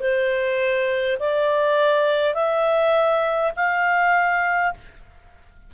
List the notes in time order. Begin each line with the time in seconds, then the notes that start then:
0.00 C5
1.20 D5
2.35 E5
3.56 F5